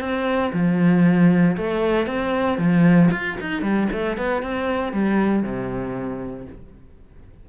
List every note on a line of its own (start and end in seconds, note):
0.00 0.52 C4
0.53 1.56 F3
1.57 2.06 A3
2.06 2.58 C4
2.58 3.10 F3
3.12 3.37 F4
3.41 3.62 D#4
3.62 3.88 G3
3.93 4.18 A3
4.18 4.42 B3
4.42 4.93 C4
4.93 5.43 G3
5.43 6.46 C3